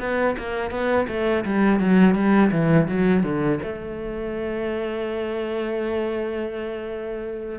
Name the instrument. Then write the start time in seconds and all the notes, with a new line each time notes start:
cello
0.00 B3
0.38 A#3
0.71 B3
1.08 A3
1.45 G3
1.80 F#3
2.15 G3
2.52 E3
2.88 F#3
3.24 D3
3.63 A3